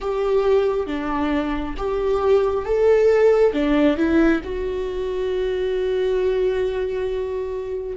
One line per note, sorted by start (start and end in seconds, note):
0.00 0.87 G4
0.87 1.75 D4
1.76 2.65 G4
2.65 3.53 A4
3.53 3.97 D4
3.97 4.41 E4
4.44 7.97 F#4